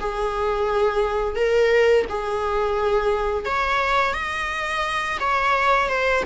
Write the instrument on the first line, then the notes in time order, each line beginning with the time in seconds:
viola
0.00 G#4
1.35 A#4
2.09 G#4
3.45 C#5
4.14 D#5
5.20 C#5
5.88 C5